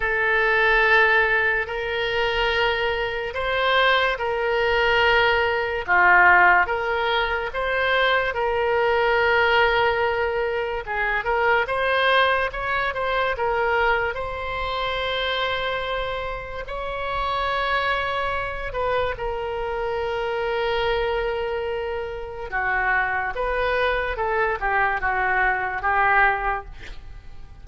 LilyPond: \new Staff \with { instrumentName = "oboe" } { \time 4/4 \tempo 4 = 72 a'2 ais'2 | c''4 ais'2 f'4 | ais'4 c''4 ais'2~ | ais'4 gis'8 ais'8 c''4 cis''8 c''8 |
ais'4 c''2. | cis''2~ cis''8 b'8 ais'4~ | ais'2. fis'4 | b'4 a'8 g'8 fis'4 g'4 | }